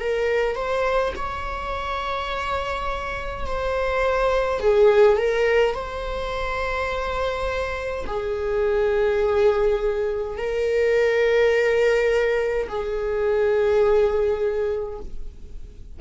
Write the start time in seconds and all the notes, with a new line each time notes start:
0.00 A#4
0.56 C5
1.16 C#5
3.47 C5
4.60 G#4
5.18 A#4
5.75 C5
8.07 G#4
10.37 A#4
12.69 G#4